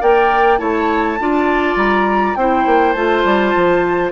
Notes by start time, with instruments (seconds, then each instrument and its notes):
0.00 bassoon A#3, clarinet A#4, oboe D5, flute G5
0.58 bassoon A3, clarinet E4, oboe C#5, flute A5
1.19 bassoon D4, clarinet F4, oboe D5
1.76 bassoon G3, flute A#5
2.35 bassoon C4, clarinet E4, oboe C5, flute G5
2.65 bassoon A#3
2.93 bassoon A3, clarinet F4, flute A5
3.24 bassoon G3
3.56 bassoon F3